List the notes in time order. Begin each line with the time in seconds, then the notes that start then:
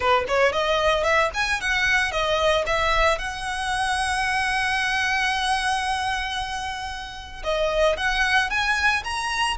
0.00 B4
0.28 C#5
0.52 D#5
1.03 E5
1.34 G#5
1.60 F#5
2.11 D#5
2.66 E5
3.18 F#5
7.43 D#5
7.96 F#5
8.50 G#5
9.04 A#5